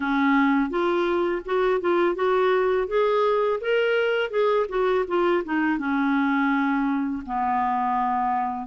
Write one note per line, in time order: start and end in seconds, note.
0.00 0.69 C#4
0.69 1.42 F4
1.45 1.80 F#4
1.80 2.15 F4
2.15 2.87 F#4
2.87 3.59 G#4
3.60 4.30 A#4
4.30 4.66 G#4
4.69 5.05 F#4
5.07 5.43 F4
5.44 5.78 D#4
5.78 7.23 C#4
7.26 8.66 B3